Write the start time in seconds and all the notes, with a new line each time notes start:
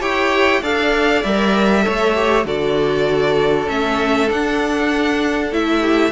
0.00 E4 G4 C#5 G5
0.62 D4 A4 D5 F5
1.23 G3 A#4 E5
1.82 A4 C#5
1.89 A3
2.16 G4
2.46 D3 F#4 A4 D5
3.67 A3 C#4 E5
4.29 D4 F#5
5.52 A3 E4 E5
5.81 G4